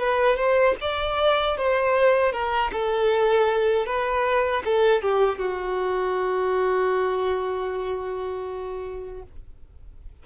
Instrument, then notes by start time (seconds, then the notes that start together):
violin
0.00 B4
0.37 C5
0.81 D5
1.58 C5
2.33 A#4
2.73 A4
3.86 B4
4.65 A4
5.03 G4
5.39 F#4